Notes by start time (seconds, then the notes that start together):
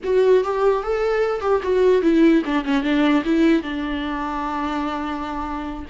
0.03 F#4
0.43 G4
0.83 A4
1.41 G4
1.62 F#4
2.02 E4
2.45 D4
2.64 C#4
2.82 D4
3.24 E4
3.62 D4